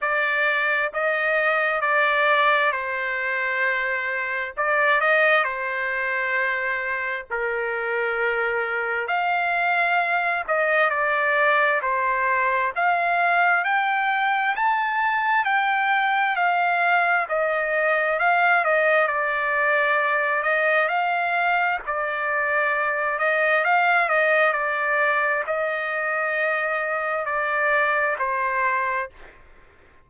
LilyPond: \new Staff \with { instrumentName = "trumpet" } { \time 4/4 \tempo 4 = 66 d''4 dis''4 d''4 c''4~ | c''4 d''8 dis''8 c''2 | ais'2 f''4. dis''8 | d''4 c''4 f''4 g''4 |
a''4 g''4 f''4 dis''4 | f''8 dis''8 d''4. dis''8 f''4 | d''4. dis''8 f''8 dis''8 d''4 | dis''2 d''4 c''4 | }